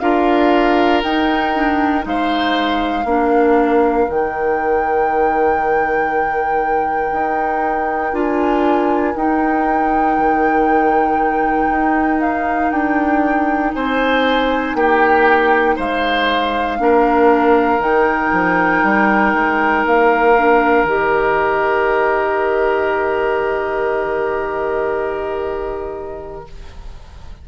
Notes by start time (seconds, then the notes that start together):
0.00 D4 F4 A#4 F5
1.03 D#4 G5
1.54 D4
2.02 G#3 D#4 F5
2.09 C5
3.04 A#3 D4 A#4
4.09 D#3 D#4 G5
7.12 D#4
8.12 D4 F4 G#5
9.16 D#4 G5
10.18 D#3
11.70 D#4
12.21 F5
12.71 D4 G5
13.74 C4 C5 G#5
14.75 A#3 G4 G5
15.76 G#3 C5 F5
16.79 A#3 D4 A#4
17.79 D#3 D#4 G5
18.32 F3
18.83 G3
19.34 G#3
19.85 A#3 F5
20.37 D4
20.84 D#3 G4 D#5